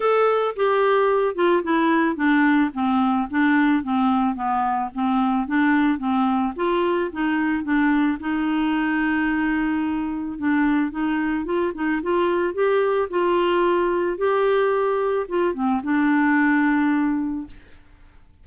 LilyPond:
\new Staff \with { instrumentName = "clarinet" } { \time 4/4 \tempo 4 = 110 a'4 g'4. f'8 e'4 | d'4 c'4 d'4 c'4 | b4 c'4 d'4 c'4 | f'4 dis'4 d'4 dis'4~ |
dis'2. d'4 | dis'4 f'8 dis'8 f'4 g'4 | f'2 g'2 | f'8 c'8 d'2. | }